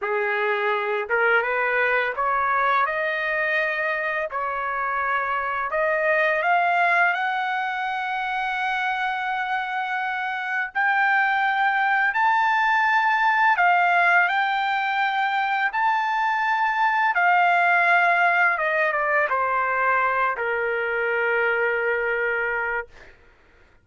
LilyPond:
\new Staff \with { instrumentName = "trumpet" } { \time 4/4 \tempo 4 = 84 gis'4. ais'8 b'4 cis''4 | dis''2 cis''2 | dis''4 f''4 fis''2~ | fis''2. g''4~ |
g''4 a''2 f''4 | g''2 a''2 | f''2 dis''8 d''8 c''4~ | c''8 ais'2.~ ais'8 | }